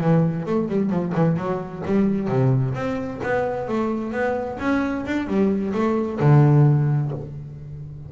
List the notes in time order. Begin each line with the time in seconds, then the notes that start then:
0.00 E3
0.46 A3
0.68 G3
0.90 F3
1.15 E3
1.37 F#3
1.85 G3
2.28 C3
2.74 C4
3.23 B3
3.68 A3
4.12 B3
4.59 C#4
5.06 D4
5.27 G3
5.74 A3
6.20 D3